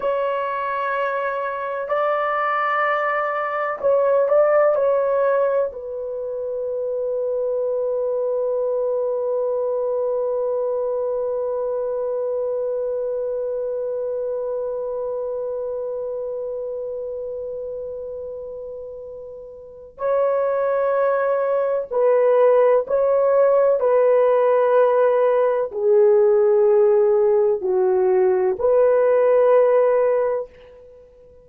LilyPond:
\new Staff \with { instrumentName = "horn" } { \time 4/4 \tempo 4 = 63 cis''2 d''2 | cis''8 d''8 cis''4 b'2~ | b'1~ | b'1~ |
b'1~ | b'4 cis''2 b'4 | cis''4 b'2 gis'4~ | gis'4 fis'4 b'2 | }